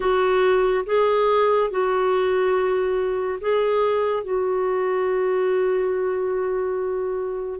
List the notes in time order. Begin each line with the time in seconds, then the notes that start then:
0.00 F#4
0.86 G#4
1.70 F#4
3.40 G#4
4.23 F#4